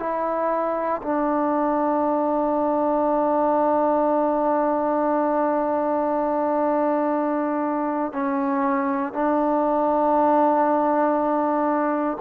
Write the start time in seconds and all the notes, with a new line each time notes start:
0.00 E4
1.03 D4
8.13 C#4
9.13 D4